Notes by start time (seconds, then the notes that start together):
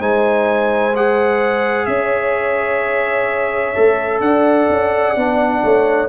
0.00 G#3 D#4 C5 G#5
0.96 G#4 F#5
1.86 C#4 C#5 E5
3.75 A3 A4
4.21 D4 D5 F#5
4.69 C#4
5.16 B3 D4
5.64 A3 C#5